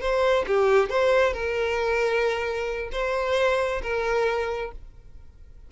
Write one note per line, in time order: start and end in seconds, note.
0.00 0.45 C5
0.47 0.89 G4
0.89 1.33 C5
1.33 2.90 A#4
2.92 3.81 C5
3.82 4.72 A#4